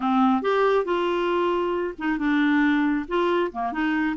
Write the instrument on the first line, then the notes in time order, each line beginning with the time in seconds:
clarinet
0.00 C4
0.41 G4
0.84 F4
1.98 D#4
2.18 D4
3.08 F4
3.52 A#3
3.72 D#4